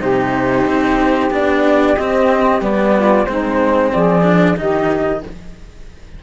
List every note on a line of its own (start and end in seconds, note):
0.00 0.67 C3
0.00 1.30 D#4
0.00 2.94 G4
0.00 1.32 C5
0.67 1.31 C4
1.31 1.96 B3
1.31 1.97 D4
1.31 1.96 D5
1.96 2.61 C4
1.96 2.62 C4
1.96 2.61 D#5
2.61 3.26 G3
2.61 3.28 B3
2.61 3.26 D5
2.96 3.29 F4
3.26 3.91 G#3
3.26 4.23 C4
3.26 3.94 D#4
3.26 3.91 C5
3.93 4.58 F3
3.93 4.59 G#4
3.93 4.58 D5
4.23 4.56 D4
4.57 5.23 D#3
4.57 5.22 D#4
4.57 5.24 G4
4.57 5.24 D#5